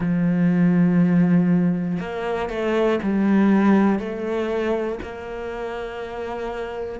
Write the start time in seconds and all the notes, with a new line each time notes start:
0.00 F3
2.00 A#3
2.50 A3
3.03 G3
3.99 A3
5.02 A#3